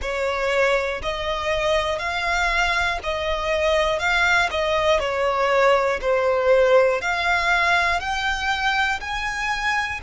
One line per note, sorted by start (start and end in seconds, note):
0.01 1.01 C#5
1.02 1.99 D#5
1.99 2.99 F5
3.03 3.99 D#5
3.99 4.49 F5
4.50 5.00 D#5
5.00 6.00 C#5
6.01 7.01 C5
7.01 8.00 F5
8.00 9.00 G5
9.00 10.00 G#5